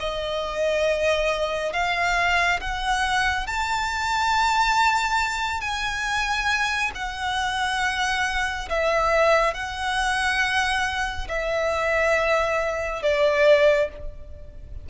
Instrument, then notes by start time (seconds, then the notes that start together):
violin
0.00 D#5
1.73 F5
2.61 F#5
3.47 A5
5.61 G#5
6.95 F#5
8.70 E5
9.54 F#5
11.28 E5
13.03 D5